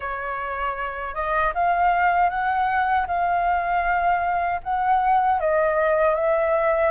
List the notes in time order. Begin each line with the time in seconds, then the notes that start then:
0.00 C#5
1.14 D#5
1.54 F5
2.29 F#5
3.07 F5
4.63 F#5
5.40 D#5
6.14 E5